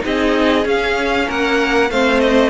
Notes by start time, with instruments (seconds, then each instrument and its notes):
0.00 cello C4, viola D#4, violin G#4 D#5
0.63 viola C#4, cello C#4, violin F5
1.26 cello A#3, violin A#4 F#5
1.90 cello A3, viola C4, violin C5 F5
2.20 violin D#5